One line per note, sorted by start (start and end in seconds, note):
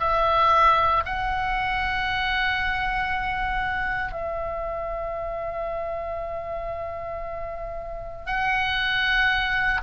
0.00 1.03 E5
1.06 4.13 F#5
4.13 8.27 E5
8.27 9.82 F#5